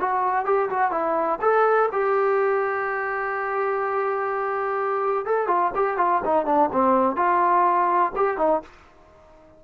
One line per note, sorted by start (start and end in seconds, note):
0.00 0.45 F#4
0.45 0.69 G4
0.70 0.91 F#4
0.91 1.39 E4
1.41 1.89 A4
1.92 5.26 G4
5.26 5.47 A4
5.47 5.71 F4
5.75 5.97 G4
5.97 6.21 F4
6.25 6.46 D#4
6.46 6.70 D4
6.72 7.16 C4
7.16 8.12 F4
8.16 8.38 G4
8.38 8.62 D#4